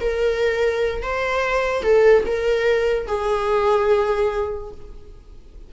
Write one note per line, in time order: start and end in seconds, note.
0.00 1.03 A#4
1.03 1.83 C5
1.83 2.24 A4
2.26 3.07 A#4
3.07 4.71 G#4